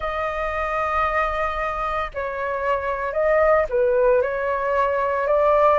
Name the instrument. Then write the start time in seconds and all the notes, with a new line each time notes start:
flute
0.00 D#5
2.14 C#5
3.12 D#5
3.69 B4
4.22 C#5
5.27 D5